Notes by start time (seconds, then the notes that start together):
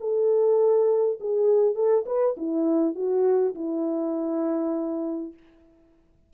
0.00 A4
1.20 G#4
1.74 A4
2.05 B4
2.37 E4
2.95 F#4
3.55 E4